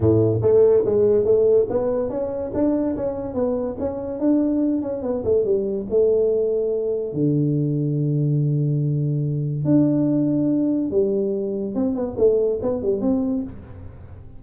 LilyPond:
\new Staff \with { instrumentName = "tuba" } { \time 4/4 \tempo 4 = 143 a,4 a4 gis4 a4 | b4 cis'4 d'4 cis'4 | b4 cis'4 d'4. cis'8 | b8 a8 g4 a2~ |
a4 d2.~ | d2. d'4~ | d'2 g2 | c'8 b8 a4 b8 g8 c'4 | }